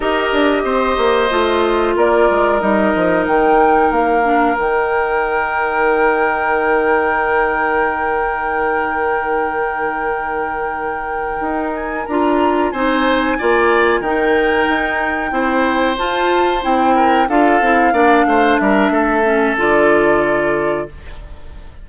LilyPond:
<<
  \new Staff \with { instrumentName = "flute" } { \time 4/4 \tempo 4 = 92 dis''2. d''4 | dis''4 g''4 f''4 g''4~ | g''1~ | g''1~ |
g''2 gis''8 ais''4 gis''8~ | gis''4. g''2~ g''8~ | g''8 a''4 g''4 f''4.~ | f''8 e''4. d''2 | }
  \new Staff \with { instrumentName = "oboe" } { \time 4/4 ais'4 c''2 ais'4~ | ais'1~ | ais'1~ | ais'1~ |
ais'2.~ ais'8 c''8~ | c''8 d''4 ais'2 c''8~ | c''2 ais'8 a'4 d''8 | c''8 ais'8 a'2. | }
  \new Staff \with { instrumentName = "clarinet" } { \time 4/4 g'2 f'2 | dis'2~ dis'8 d'8 dis'4~ | dis'1~ | dis'1~ |
dis'2~ dis'8 f'4 dis'8~ | dis'8 f'4 dis'2 e'8~ | e'8 f'4 e'4 f'8 e'8 d'8~ | d'4. cis'8 f'2 | }
  \new Staff \with { instrumentName = "bassoon" } { \time 4/4 dis'8 d'8 c'8 ais8 a4 ais8 gis8 | g8 f8 dis4 ais4 dis4~ | dis1~ | dis1~ |
dis4. dis'4 d'4 c'8~ | c'8 ais4 dis4 dis'4 c'8~ | c'8 f'4 c'4 d'8 c'8 ais8 | a8 g8 a4 d2 | }
>>